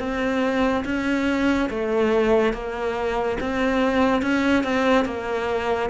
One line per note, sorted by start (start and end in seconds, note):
0.00 0.85 C4
0.85 1.70 C#4
1.70 2.54 A3
2.54 3.38 A#3
3.41 4.23 C4
4.23 4.64 C#4
4.64 5.06 C4
5.06 5.90 A#3